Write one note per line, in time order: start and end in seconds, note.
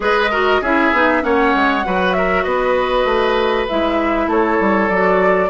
0.00 0.60 G#3
0.00 0.29 G#4
0.00 0.30 B4
0.00 0.62 D#5
0.30 0.62 F#4
0.30 0.61 A#4
0.61 0.92 C#4
0.61 0.94 E4
0.61 1.22 G#4
0.61 1.23 E5
0.92 1.23 B3
0.92 1.21 D#4
1.21 1.54 A#3
1.21 1.82 C#4
1.21 1.85 C#5
1.21 2.13 F#5
1.54 1.85 G#3
1.84 2.45 F#3
1.84 3.68 F#4
1.84 2.16 B4
2.13 2.43 A#4
2.13 2.43 E5
2.43 3.04 B3
2.43 4.27 B4
2.43 3.65 D#5
3.04 3.65 A3
3.68 4.27 G#3
3.68 4.90 E4
3.68 4.29 E5
4.27 4.57 A3
4.27 5.49 A4
4.27 4.89 C#5
4.60 4.89 G3
4.89 5.49 F#3
4.89 5.49 F#4
4.89 5.49 D5